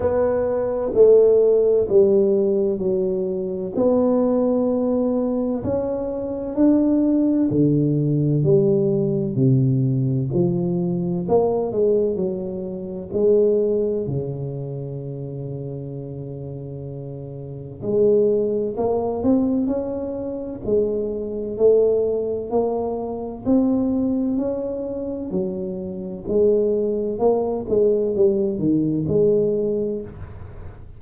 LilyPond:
\new Staff \with { instrumentName = "tuba" } { \time 4/4 \tempo 4 = 64 b4 a4 g4 fis4 | b2 cis'4 d'4 | d4 g4 c4 f4 | ais8 gis8 fis4 gis4 cis4~ |
cis2. gis4 | ais8 c'8 cis'4 gis4 a4 | ais4 c'4 cis'4 fis4 | gis4 ais8 gis8 g8 dis8 gis4 | }